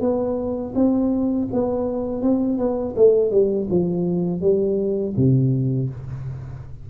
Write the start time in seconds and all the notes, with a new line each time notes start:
0.00 B3
0.75 C4
1.52 B3
2.22 C4
2.58 B3
2.96 A3
3.31 G3
3.70 F3
4.41 G3
5.17 C3